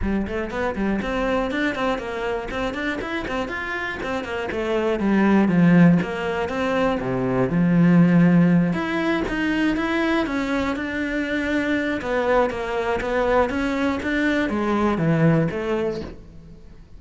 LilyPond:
\new Staff \with { instrumentName = "cello" } { \time 4/4 \tempo 4 = 120 g8 a8 b8 g8 c'4 d'8 c'8 | ais4 c'8 d'8 e'8 c'8 f'4 | c'8 ais8 a4 g4 f4 | ais4 c'4 c4 f4~ |
f4. e'4 dis'4 e'8~ | e'8 cis'4 d'2~ d'8 | b4 ais4 b4 cis'4 | d'4 gis4 e4 a4 | }